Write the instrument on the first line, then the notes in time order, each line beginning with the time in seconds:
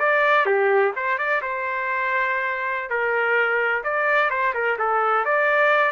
trumpet
0.00 D5
0.46 G4
0.96 C5
1.19 D5
1.42 C5
2.90 A#4
3.84 D5
4.31 C5
4.55 A#4
4.79 A4
5.25 D5